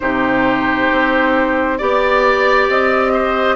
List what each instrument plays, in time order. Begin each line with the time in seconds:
0.00 bassoon C3, clarinet D#4, oboe G4, flute C5
0.91 bassoon C4
1.77 bassoon B3, clarinet G4, oboe D5, flute D5
2.68 bassoon C4, flute D#5
3.13 oboe C5